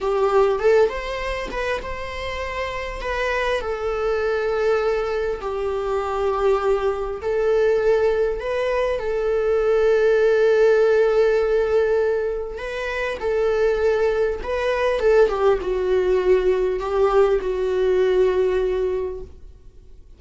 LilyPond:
\new Staff \with { instrumentName = "viola" } { \time 4/4 \tempo 4 = 100 g'4 a'8 c''4 b'8 c''4~ | c''4 b'4 a'2~ | a'4 g'2. | a'2 b'4 a'4~ |
a'1~ | a'4 b'4 a'2 | b'4 a'8 g'8 fis'2 | g'4 fis'2. | }